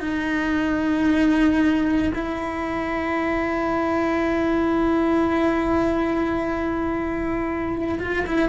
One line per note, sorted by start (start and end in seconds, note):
0.00 2.12 D#4
2.15 7.99 E4
7.99 8.25 F4
8.26 8.49 E4